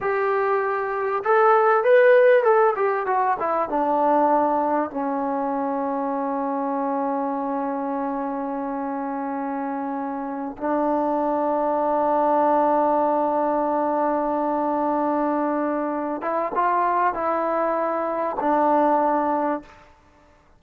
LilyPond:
\new Staff \with { instrumentName = "trombone" } { \time 4/4 \tempo 4 = 98 g'2 a'4 b'4 | a'8 g'8 fis'8 e'8 d'2 | cis'1~ | cis'1~ |
cis'4~ cis'16 d'2~ d'8.~ | d'1~ | d'2~ d'8 e'8 f'4 | e'2 d'2 | }